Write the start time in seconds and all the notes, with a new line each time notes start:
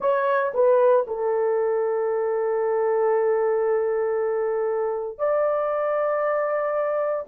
0.00 C#5
0.54 B4
1.07 A4
5.18 D5